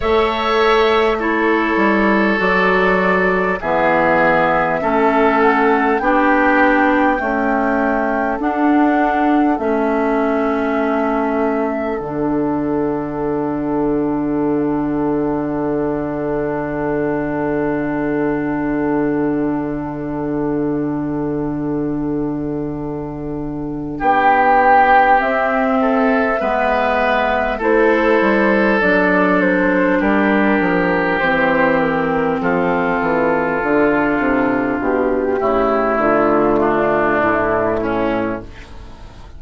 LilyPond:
<<
  \new Staff \with { instrumentName = "flute" } { \time 4/4 \tempo 4 = 50 e''4 cis''4 d''4 e''4~ | e''8 fis''8 g''2 fis''4 | e''2 fis''2~ | fis''1~ |
fis''1 | g''4 e''2 c''4 | d''8 c''8 ais'4 c''8 ais'8 a'4~ | a'4 g'4 f'4 e'4 | }
  \new Staff \with { instrumentName = "oboe" } { \time 4/4 cis''4 a'2 gis'4 | a'4 g'4 a'2~ | a'1~ | a'1~ |
a'1 | g'4. a'8 b'4 a'4~ | a'4 g'2 f'4~ | f'4. e'4 d'4 cis'8 | }
  \new Staff \with { instrumentName = "clarinet" } { \time 4/4 a'4 e'4 fis'4 b4 | cis'4 d'4 a4 d'4 | cis'2 d'2~ | d'1~ |
d'1~ | d'4 c'4 b4 e'4 | d'2 c'2 | d'4. a2~ a8 | }
  \new Staff \with { instrumentName = "bassoon" } { \time 4/4 a4. g8 fis4 e4 | a4 b4 cis'4 d'4 | a2 d2~ | d1~ |
d1 | b4 c'4 gis4 a8 g8 | fis4 g8 f8 e4 f8 e8 | d8 c8 b,8 cis8 d4 a,4 | }
>>